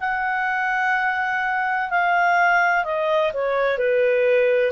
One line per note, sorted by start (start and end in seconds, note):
0.00 1.90 F#5
1.90 2.84 F5
2.84 3.32 D#5
3.33 3.78 C#5
3.78 4.72 B4